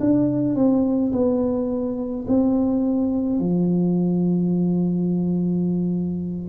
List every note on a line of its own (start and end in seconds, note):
0.00 0.55 D4
0.55 1.12 C4
1.12 2.25 B3
2.27 3.39 C4
3.39 6.49 F3